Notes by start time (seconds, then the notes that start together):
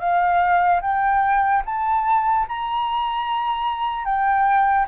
0.00 F5
0.82 G5
1.66 A5
2.49 A#5
4.05 G5